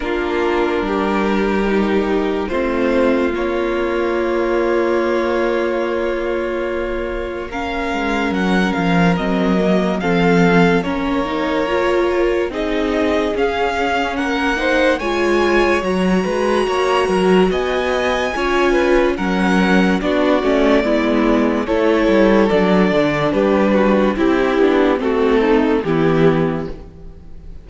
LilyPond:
<<
  \new Staff \with { instrumentName = "violin" } { \time 4/4 \tempo 4 = 72 ais'2. c''4 | cis''1~ | cis''4 f''4 fis''8 f''8 dis''4 | f''4 cis''2 dis''4 |
f''4 fis''4 gis''4 ais''4~ | ais''4 gis''2 fis''4 | d''2 cis''4 d''4 | b'4 g'4 a'4 g'4 | }
  \new Staff \with { instrumentName = "violin" } { \time 4/4 f'4 g'2 f'4~ | f'1~ | f'4 ais'2. | a'4 ais'2 gis'4~ |
gis'4 ais'8 c''8 cis''4. b'8 | cis''8 ais'8 dis''4 cis''8 b'8 ais'4 | fis'4 e'4 a'2 | g'8 fis'8 e'4 fis'8 dis'8 e'4 | }
  \new Staff \with { instrumentName = "viola" } { \time 4/4 d'2 dis'4 c'4 | ais1~ | ais4 cis'2 c'8 ais8 | c'4 cis'8 dis'8 f'4 dis'4 |
cis'4. dis'8 f'4 fis'4~ | fis'2 f'4 cis'4 | d'8 cis'8 b4 e'4 d'4~ | d'4 e'8 d'8 c'4 b4 | }
  \new Staff \with { instrumentName = "cello" } { \time 4/4 ais4 g2 a4 | ais1~ | ais4. gis8 fis8 f8 fis4 | f4 ais2 c'4 |
cis'4 ais4 gis4 fis8 gis8 | ais8 fis8 b4 cis'4 fis4 | b8 a8 gis4 a8 g8 fis8 d8 | g4 c'8 b8 a4 e4 | }
>>